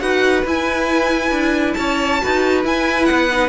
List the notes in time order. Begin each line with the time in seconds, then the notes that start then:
0.00 D#4 F#4 B4 F#5
0.45 E4 G#5
1.31 D4
1.73 C#4 C#5 A5
2.21 D#4 F#4 B4
2.64 E4 G#5
3.05 B3 F#5
3.32 D#4